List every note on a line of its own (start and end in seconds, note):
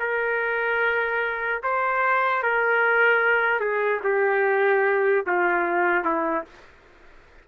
0.00 1.62 A#4
1.63 2.43 C5
2.43 3.60 A#4
3.60 4.01 G#4
4.04 5.25 G4
5.26 6.05 F4
6.05 6.45 E4